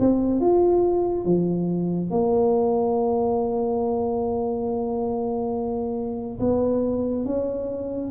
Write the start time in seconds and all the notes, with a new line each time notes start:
0.00 C4
0.41 F4
1.25 F3
2.11 A#3
6.40 B3
7.25 C#4